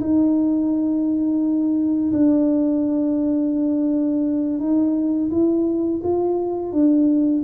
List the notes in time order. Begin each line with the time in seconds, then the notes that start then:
0.00 D#4
2.12 D4
4.59 D#4
5.30 E4
6.03 F4
6.72 D4